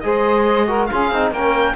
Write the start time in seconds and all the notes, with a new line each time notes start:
0.00 G#3 G#4 C5 D#5
0.67 F#4 A#4
0.86 G#4 F5
0.92 C#4 F4
1.11 C4 D#4
1.31 A#3 C#4 A#4 G5